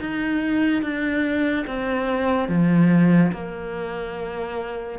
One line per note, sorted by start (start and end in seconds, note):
0.00 0.82 D#4
0.82 1.66 D4
1.67 2.48 C4
2.48 3.31 F3
3.32 4.98 A#3